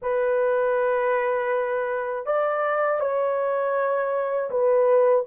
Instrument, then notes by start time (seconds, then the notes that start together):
horn
0.01 B4
2.25 D5
3.00 C#5
4.50 B4